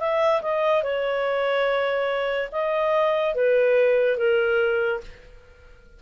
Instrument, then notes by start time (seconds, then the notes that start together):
clarinet
0.00 E5
0.42 D#5
0.83 C#5
2.52 D#5
3.35 B4
4.17 A#4